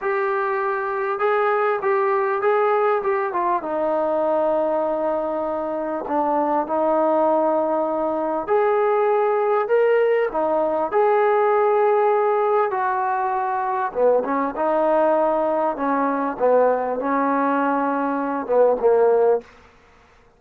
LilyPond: \new Staff \with { instrumentName = "trombone" } { \time 4/4 \tempo 4 = 99 g'2 gis'4 g'4 | gis'4 g'8 f'8 dis'2~ | dis'2 d'4 dis'4~ | dis'2 gis'2 |
ais'4 dis'4 gis'2~ | gis'4 fis'2 b8 cis'8 | dis'2 cis'4 b4 | cis'2~ cis'8 b8 ais4 | }